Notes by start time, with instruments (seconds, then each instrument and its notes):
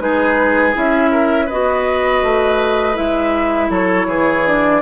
0.00 bassoon G#3, clarinet D#4, oboe G#4, flute B4
0.73 bassoon C#4, clarinet E4, flute E5
1.11 oboe A#4
1.45 bassoon B3, clarinet F#4, oboe B4, flute D#5
2.23 bassoon A3
2.94 bassoon G#3, clarinet E4, flute E5
3.69 bassoon F#3, oboe A4, flute C#5
4.07 bassoon E3, oboe G#4
4.46 clarinet D4, flute D5